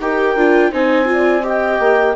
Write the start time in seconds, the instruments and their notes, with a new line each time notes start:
0.00 bassoon D#4, viola G4, horn A#4, clarinet G5
0.36 bassoon D4, viola F4
0.71 bassoon C4, viola D#4, horn C5, clarinet G#5
1.05 viola F4
1.12 horn D5
1.43 viola G4, horn D#5, clarinet G5
1.80 bassoon A#3